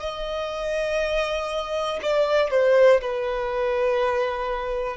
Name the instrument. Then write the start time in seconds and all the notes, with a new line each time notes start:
violin
0.00 D#5
2.02 D5
2.50 C5
3.01 B4